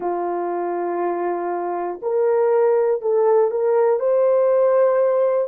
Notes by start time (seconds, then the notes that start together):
0.00 F4
2.01 A#4
3.01 A4
3.50 A#4
3.99 C5